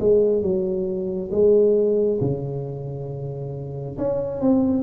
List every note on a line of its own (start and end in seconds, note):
0.00 0.42 G#3
0.42 1.30 F#3
1.32 2.20 G#3
2.21 3.97 C#3
3.98 4.41 C#4
4.41 4.83 C4